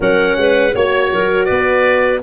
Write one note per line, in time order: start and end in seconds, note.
0.00 0.36 F#3
0.00 0.73 C#4
0.00 0.37 A#4
0.00 0.75 F#5
0.36 0.73 G#3
0.36 0.75 B4
0.74 1.12 A#3
0.74 2.23 F#4
0.74 1.12 C#5
0.74 1.44 C#5
1.12 1.49 F#3
1.12 1.46 A#4
1.44 2.23 B3
1.44 2.20 B4
1.44 2.18 D5